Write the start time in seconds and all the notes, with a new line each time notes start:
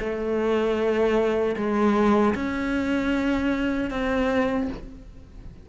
0.00 A3
1.57 G#3
2.35 C#4
3.91 C4